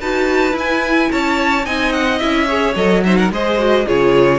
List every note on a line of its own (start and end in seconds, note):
0.00 0.53 D#4
0.00 0.52 F#4
0.00 1.10 B4
0.00 0.56 A5
0.52 1.62 E4
0.52 1.08 E4
0.58 1.12 G#5
1.12 1.66 C#4
1.12 1.66 C#5
1.12 1.66 A5
1.65 2.21 C4
1.65 2.20 D#4
1.65 2.47 D#5
1.65 1.92 G#5
1.92 2.19 F#5
2.19 2.75 C#4
2.19 2.47 E4
2.19 2.74 E5
2.47 2.75 G#4
2.47 3.02 C#5
2.75 3.31 F#3
2.75 3.03 A4
2.75 3.03 D#5
3.04 3.33 D#4
3.04 3.18 C5
3.04 3.17 E5
3.17 3.31 A#4
3.17 3.30 F#5
3.31 3.86 G#3
3.31 3.58 G#4
3.31 3.86 C5
3.31 3.87 D#5
3.58 3.85 F#4
3.86 4.38 C#3
3.86 4.38 F4
3.86 4.38 G#4
3.86 4.38 C#5